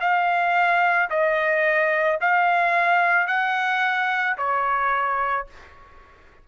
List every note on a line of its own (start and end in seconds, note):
0.00 1.09 F5
1.10 2.19 D#5
2.21 3.27 F5
3.27 4.36 F#5
4.37 5.46 C#5